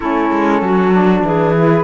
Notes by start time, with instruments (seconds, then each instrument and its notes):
0.00 cello A3, saxophone C#4, clarinet E4, flute A4
0.31 cello G#3
0.61 cello F#3, clarinet F#4
0.92 saxophone D4
1.24 cello E3, clarinet G#4, flute B4
1.56 saxophone E4